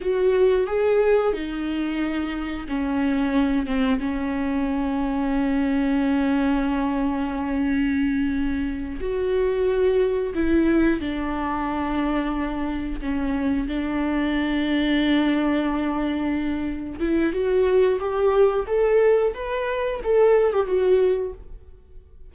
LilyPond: \new Staff \with { instrumentName = "viola" } { \time 4/4 \tempo 4 = 90 fis'4 gis'4 dis'2 | cis'4. c'8 cis'2~ | cis'1~ | cis'4. fis'2 e'8~ |
e'8 d'2. cis'8~ | cis'8 d'2.~ d'8~ | d'4. e'8 fis'4 g'4 | a'4 b'4 a'8. g'16 fis'4 | }